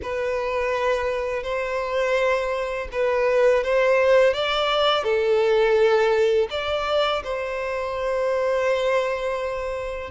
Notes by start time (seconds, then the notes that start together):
0.02 B4
1.43 C5
2.91 B4
3.63 C5
4.33 D5
5.03 A4
6.50 D5
7.23 C5